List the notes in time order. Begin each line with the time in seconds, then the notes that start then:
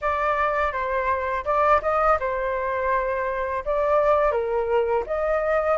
0.01 D5
0.72 C5
1.44 D5
1.82 D#5
2.19 C5
3.65 D5
4.31 A#4
5.06 D#5